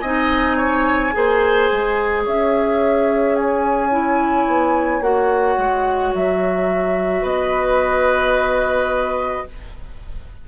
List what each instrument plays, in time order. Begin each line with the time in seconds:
0.00 bassoon C4, clarinet D#4, oboe D#5, flute G#5
0.57 oboe C#5
1.12 bassoon A#3, clarinet G#4, oboe C5
1.71 bassoon G#3
2.24 bassoon C#4, oboe C#5, flute E5
3.36 flute G#5
3.91 clarinet E4
4.47 bassoon B3
5.00 bassoon A#3, clarinet F#4, flute F#5
5.57 bassoon G#3
6.14 bassoon F#3, flute E5
7.22 bassoon B3, oboe B4, flute D#5